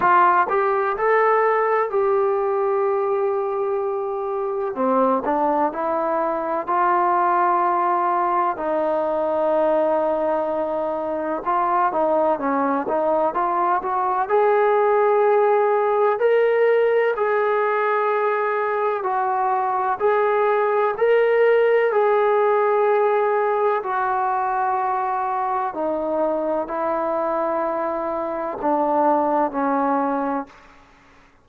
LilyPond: \new Staff \with { instrumentName = "trombone" } { \time 4/4 \tempo 4 = 63 f'8 g'8 a'4 g'2~ | g'4 c'8 d'8 e'4 f'4~ | f'4 dis'2. | f'8 dis'8 cis'8 dis'8 f'8 fis'8 gis'4~ |
gis'4 ais'4 gis'2 | fis'4 gis'4 ais'4 gis'4~ | gis'4 fis'2 dis'4 | e'2 d'4 cis'4 | }